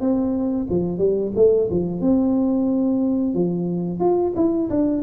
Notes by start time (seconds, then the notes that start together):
0.00 C4
0.70 F3
0.98 G3
1.35 A3
1.70 F3
2.01 C4
3.34 F3
3.99 F4
4.36 E4
4.70 D4